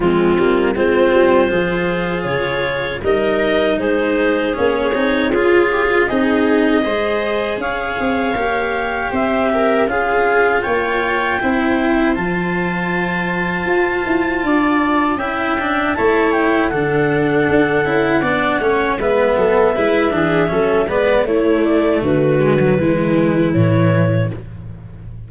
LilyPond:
<<
  \new Staff \with { instrumentName = "clarinet" } { \time 4/4 \tempo 4 = 79 f'4 c''2 cis''4 | dis''4 c''4 cis''4 gis'4 | dis''2 f''2 | e''4 f''4 g''2 |
a''1 | g''4 a''8 g''8 fis''2~ | fis''4 e''2~ e''8 d''8 | cis''8 d''8 b'2 cis''4 | }
  \new Staff \with { instrumentName = "viola" } { \time 4/4 c'4 f'4 gis'2 | ais'4 gis'2 f'8 g'16 f'16 | gis'4 c''4 cis''2 | c''8 ais'8 gis'4 cis''4 c''4~ |
c''2. d''4 | e''4 cis''4 a'2 | d''8 cis''8 b'8 a'8 b'8 gis'8 a'8 b'8 | e'4 fis'4 e'2 | }
  \new Staff \with { instrumentName = "cello" } { \time 4/4 gis8 ais8 c'4 f'2 | dis'2 cis'8 dis'8 f'4 | dis'4 gis'2 g'4~ | g'4 f'2 e'4 |
f'1 | e'8 d'8 e'4 d'4. e'8 | d'8 cis'8 b4 e'8 d'8 cis'8 b8 | a4. gis16 fis16 gis4 e4 | }
  \new Staff \with { instrumentName = "tuba" } { \time 4/4 f8 g8 gis8 g8 f4 cis4 | g4 gis4 ais8 c'8 cis'4 | c'4 gis4 cis'8 c'8 ais4 | c'4 cis'4 ais4 c'4 |
f2 f'8 e'8 d'4 | cis'4 a4 d4 d'8 cis'8 | b8 a8 gis8 fis8 gis8 e8 fis8 gis8 | a4 d4 e4 a,4 | }
>>